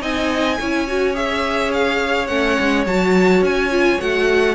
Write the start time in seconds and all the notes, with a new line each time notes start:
0.00 C4 D#4 D#5 G#5
0.59 C#4 E4 C#5
0.87 F#4
1.14 G#4 E5
1.73 F5
2.27 A3 C#4 F#5
2.60 G#3
2.86 F#3 F#4 A5
3.42 C#4 G#5
3.70 F4
3.98 A3 F#4 F#5